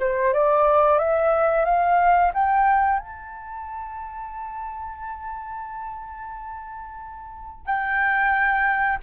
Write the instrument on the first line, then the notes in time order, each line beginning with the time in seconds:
flute
0.00 C5
0.33 D5
0.98 E5
1.65 F5
2.34 G5
2.99 A5
7.66 G5